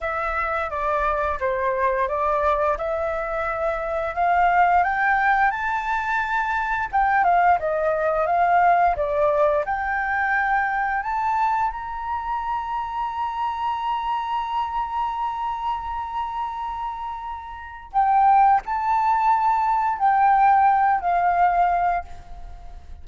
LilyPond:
\new Staff \with { instrumentName = "flute" } { \time 4/4 \tempo 4 = 87 e''4 d''4 c''4 d''4 | e''2 f''4 g''4 | a''2 g''8 f''8 dis''4 | f''4 d''4 g''2 |
a''4 ais''2.~ | ais''1~ | ais''2 g''4 a''4~ | a''4 g''4. f''4. | }